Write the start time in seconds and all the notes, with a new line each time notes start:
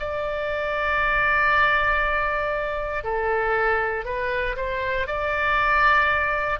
0.00 D5
3.05 A4
4.05 B4
4.57 C5
5.08 D5